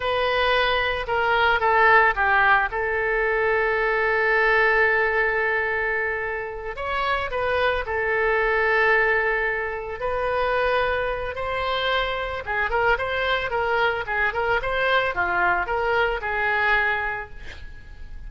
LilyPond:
\new Staff \with { instrumentName = "oboe" } { \time 4/4 \tempo 4 = 111 b'2 ais'4 a'4 | g'4 a'2.~ | a'1~ | a'8 cis''4 b'4 a'4.~ |
a'2~ a'8 b'4.~ | b'4 c''2 gis'8 ais'8 | c''4 ais'4 gis'8 ais'8 c''4 | f'4 ais'4 gis'2 | }